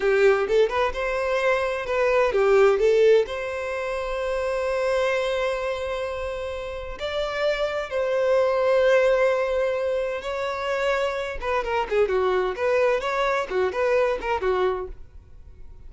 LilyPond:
\new Staff \with { instrumentName = "violin" } { \time 4/4 \tempo 4 = 129 g'4 a'8 b'8 c''2 | b'4 g'4 a'4 c''4~ | c''1~ | c''2. d''4~ |
d''4 c''2.~ | c''2 cis''2~ | cis''8 b'8 ais'8 gis'8 fis'4 b'4 | cis''4 fis'8 b'4 ais'8 fis'4 | }